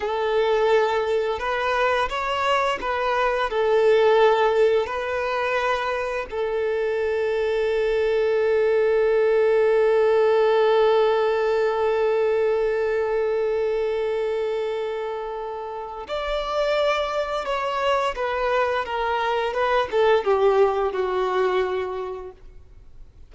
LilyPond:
\new Staff \with { instrumentName = "violin" } { \time 4/4 \tempo 4 = 86 a'2 b'4 cis''4 | b'4 a'2 b'4~ | b'4 a'2.~ | a'1~ |
a'1~ | a'2. d''4~ | d''4 cis''4 b'4 ais'4 | b'8 a'8 g'4 fis'2 | }